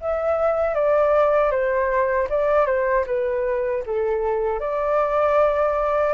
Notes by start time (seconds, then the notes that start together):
0.00 E5
0.74 D5
1.51 C5
2.29 D5
2.66 C5
3.06 B4
3.85 A4
4.59 D5